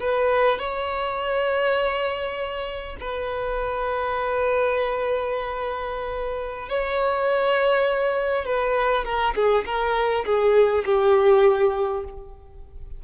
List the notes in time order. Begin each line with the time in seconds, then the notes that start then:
0.00 B4
0.59 C#5
3.00 B4
6.69 C#5
8.45 B4
9.05 A#4
9.35 G#4
9.66 A#4
10.25 G#4
10.86 G4